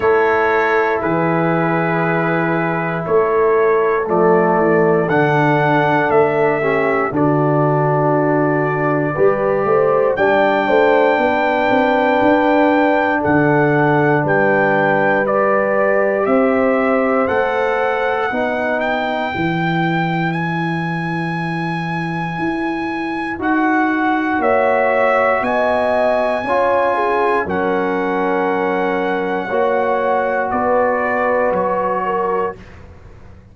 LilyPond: <<
  \new Staff \with { instrumentName = "trumpet" } { \time 4/4 \tempo 4 = 59 cis''4 b'2 cis''4 | d''4 fis''4 e''4 d''4~ | d''2 g''2~ | g''4 fis''4 g''4 d''4 |
e''4 fis''4. g''4. | gis''2. fis''4 | e''4 gis''2 fis''4~ | fis''2 d''4 cis''4 | }
  \new Staff \with { instrumentName = "horn" } { \time 4/4 a'4 gis'2 a'4~ | a'2~ a'8 g'8 fis'4~ | fis'4 b'8 c''8 d''8 c''8 b'4~ | b'4 a'4 b'2 |
c''2 b'2~ | b'1 | cis''4 dis''4 cis''8 gis'8 ais'4~ | ais'4 cis''4 b'4. ais'8 | }
  \new Staff \with { instrumentName = "trombone" } { \time 4/4 e'1 | a4 d'4. cis'8 d'4~ | d'4 g'4 d'2~ | d'2. g'4~ |
g'4 a'4 dis'4 e'4~ | e'2. fis'4~ | fis'2 f'4 cis'4~ | cis'4 fis'2. | }
  \new Staff \with { instrumentName = "tuba" } { \time 4/4 a4 e2 a4 | f8 e8 d4 a4 d4~ | d4 g8 a8 g8 a8 b8 c'8 | d'4 d4 g2 |
c'4 a4 b4 e4~ | e2 e'4 dis'4 | ais4 b4 cis'4 fis4~ | fis4 ais4 b4 fis4 | }
>>